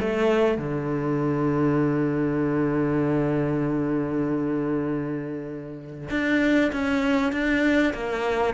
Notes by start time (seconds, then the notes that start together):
0.00 A3
0.58 D3
6.11 D4
6.73 C#4
7.32 D4
7.94 A#3